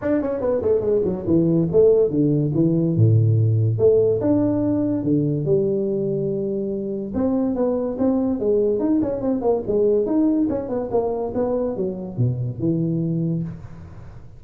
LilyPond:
\new Staff \with { instrumentName = "tuba" } { \time 4/4 \tempo 4 = 143 d'8 cis'8 b8 a8 gis8 fis8 e4 | a4 d4 e4 a,4~ | a,4 a4 d'2 | d4 g2.~ |
g4 c'4 b4 c'4 | gis4 dis'8 cis'8 c'8 ais8 gis4 | dis'4 cis'8 b8 ais4 b4 | fis4 b,4 e2 | }